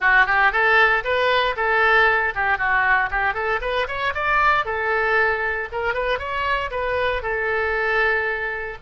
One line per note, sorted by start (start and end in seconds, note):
0.00 0.26 F#4
0.26 0.52 G4
0.52 1.03 A4
1.03 1.55 B4
1.56 2.33 A4
2.34 2.57 G4
2.57 3.09 F#4
3.11 3.34 G4
3.34 3.59 A4
3.61 3.87 B4
3.87 4.13 C#5
4.14 4.65 D5
4.65 5.68 A4
5.72 5.94 A#4
5.94 6.18 B4
6.18 6.70 C#5
6.71 7.22 B4
7.22 8.77 A4